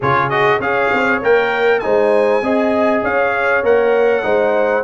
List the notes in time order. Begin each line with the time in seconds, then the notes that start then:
0.00 C#3 F4 G#4 C#5
0.29 F#4 D#5
0.58 C#4 G#4 C#5 F5
0.92 C4
1.21 A#3 A#4 G5
1.79 G#3 D#4 C5 G#5
2.42 C4 G#4 D#5
3.03 C#4 C#5 F5
3.62 A#3 A#4 F#5
4.22 G#3 D#4 C5